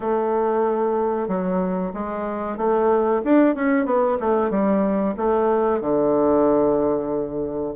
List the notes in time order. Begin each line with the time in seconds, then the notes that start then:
0.00 A3
1.27 F#3
1.93 G#3
2.57 A3
3.24 D4
3.55 C#4
3.85 B3
4.20 A3
4.50 G3
5.16 A3
5.81 D3